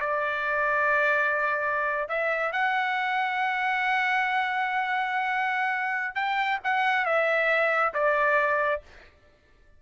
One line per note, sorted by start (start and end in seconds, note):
0.00 2.09 D5
2.09 2.52 E5
2.52 6.15 F#5
6.15 6.59 G5
6.64 7.05 F#5
7.05 7.93 E5
7.94 8.82 D5